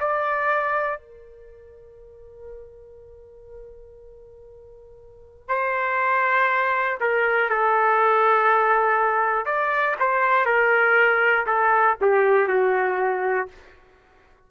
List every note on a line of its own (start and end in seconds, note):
0.00 0.99 D5
0.99 5.49 A#4
5.49 6.99 C5
7.00 7.50 A#4
7.50 9.46 A4
9.46 9.96 D5
10.00 10.46 C5
10.46 11.46 A#4
11.47 11.97 A4
12.01 12.49 G4
12.49 13.49 F#4